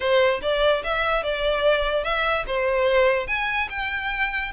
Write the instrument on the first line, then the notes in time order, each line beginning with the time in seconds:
violin
0.00 C5
0.41 D5
0.83 E5
1.23 D5
2.04 E5
2.47 C5
3.27 G#5
3.69 G5